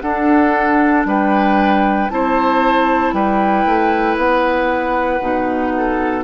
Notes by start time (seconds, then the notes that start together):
0.00 D4 A4 F#5
1.05 G3 B4 G5
2.09 C4 E4 C5 A5
3.13 G3 B4 G5
3.65 A3
4.17 B3 F#5
5.20 B2 D#4
5.77 A4